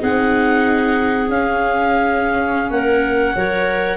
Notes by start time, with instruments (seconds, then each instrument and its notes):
0.00 tuba C4, viola D#4, clarinet G#4 F#5
1.29 tuba C#4, viola C#4, clarinet F5
2.71 tuba A#3, clarinet A#4 F#5
3.36 tuba F#3, viola A#4, clarinet C#5